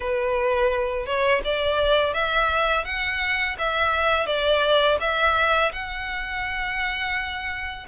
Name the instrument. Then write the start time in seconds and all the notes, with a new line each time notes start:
violin
0.00 B4
1.06 C#5
1.44 D5
2.13 E5
2.84 F#5
3.58 E5
4.26 D5
5.00 E5
5.72 F#5